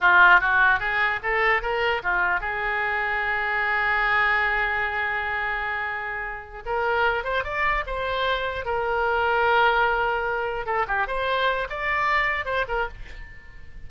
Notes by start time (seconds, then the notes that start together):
0.01 F4
0.40 F#4
0.79 G#4
1.22 A4
1.61 A#4
2.03 F4
2.40 G#4
6.65 A#4
7.24 C5
7.44 D5
7.86 C5
8.65 A#4
10.66 A4
10.87 G4
11.07 C5
11.69 D5
12.45 C5
12.68 A#4